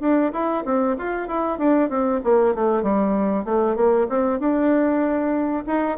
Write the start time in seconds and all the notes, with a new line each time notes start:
0.00 D4
0.32 E4
0.65 C4
0.98 F4
1.28 E4
1.58 D4
1.89 C4
2.23 A#3
2.54 A3
2.82 G3
3.44 A3
3.75 A#3
4.09 C4
4.39 D4
5.66 D#4